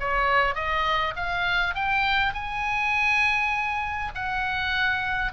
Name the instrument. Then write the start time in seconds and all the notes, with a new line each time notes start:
oboe
0.00 C#5
0.55 D#5
1.16 F5
1.74 G5
2.34 G#5
4.15 F#5